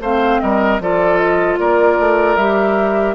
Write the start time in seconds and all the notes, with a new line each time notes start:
0.00 A3 C4 C5 F5
0.40 G3 A#4 D#5
0.79 F3 F4 A4 D5
1.17 D#5
1.58 A#3 A#4 D5
1.99 A3
2.36 G3 G4 E5